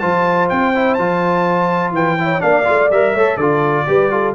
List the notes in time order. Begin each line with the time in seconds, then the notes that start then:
0.00 F3 F4 C5 A5
0.50 C4 G5
0.76 E4
0.95 F3 F4 A5
1.91 E3 B4 G5
2.19 E4 C#5
2.40 A#3 D4 D5 F5
2.65 A3 F4
2.91 G3 A#4 E5
3.15 A3 A4 C#5
3.36 D3 F4 A4 D5
3.87 G3 G4 B4
4.11 F4 A4